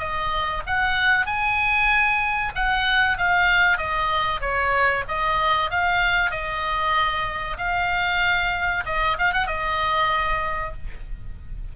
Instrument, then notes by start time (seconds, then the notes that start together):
oboe
0.00 D#5
0.67 F#5
1.27 G#5
2.56 F#5
3.18 F5
3.78 D#5
4.41 C#5
5.09 D#5
5.71 F5
6.32 D#5
7.58 F5
8.86 D#5
9.19 F5
9.34 F#5
9.47 D#5